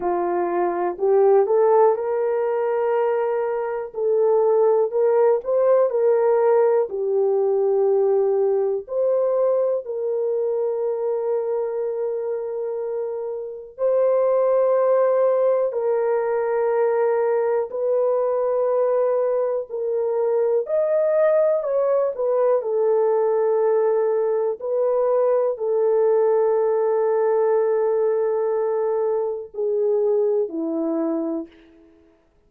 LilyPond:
\new Staff \with { instrumentName = "horn" } { \time 4/4 \tempo 4 = 61 f'4 g'8 a'8 ais'2 | a'4 ais'8 c''8 ais'4 g'4~ | g'4 c''4 ais'2~ | ais'2 c''2 |
ais'2 b'2 | ais'4 dis''4 cis''8 b'8 a'4~ | a'4 b'4 a'2~ | a'2 gis'4 e'4 | }